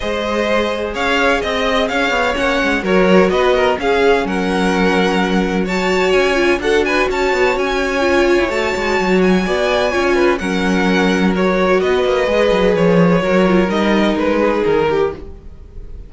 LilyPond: <<
  \new Staff \with { instrumentName = "violin" } { \time 4/4 \tempo 4 = 127 dis''2 f''4 dis''4 | f''4 fis''4 cis''4 dis''4 | f''4 fis''2. | a''4 gis''4 fis''8 gis''8 a''4 |
gis''2 a''4. gis''8~ | gis''2 fis''2 | cis''4 dis''2 cis''4~ | cis''4 dis''4 b'4 ais'4 | }
  \new Staff \with { instrumentName = "violin" } { \time 4/4 c''2 cis''4 dis''4 | cis''2 ais'4 b'8 ais'8 | gis'4 ais'2. | cis''2 a'8 b'8 cis''4~ |
cis''1 | d''4 cis''8 b'8 ais'2~ | ais'4 b'2. | ais'2~ ais'8 gis'4 g'8 | }
  \new Staff \with { instrumentName = "viola" } { \time 4/4 gis'1~ | gis'4 cis'4 fis'2 | cis'1 | fis'4. f'8 fis'2~ |
fis'4 f'4 fis'2~ | fis'4 f'4 cis'2 | fis'2 gis'2 | fis'8 f'8 dis'2. | }
  \new Staff \with { instrumentName = "cello" } { \time 4/4 gis2 cis'4 c'4 | cis'8 b8 ais8 gis8 fis4 b4 | cis'4 fis2.~ | fis4 cis'4 d'4 cis'8 b8 |
cis'4.~ cis'16 e'16 a8 gis8 fis4 | b4 cis'4 fis2~ | fis4 b8 ais8 gis8 fis8 f4 | fis4 g4 gis4 dis4 | }
>>